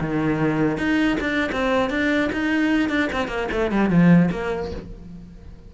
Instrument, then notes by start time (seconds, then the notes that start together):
cello
0.00 D#3
0.77 D#4
1.20 D4
1.51 C4
1.90 D4
2.32 D#4
2.89 D4
3.12 C4
3.28 A#3
3.51 A3
3.71 G3
3.89 F3
4.31 A#3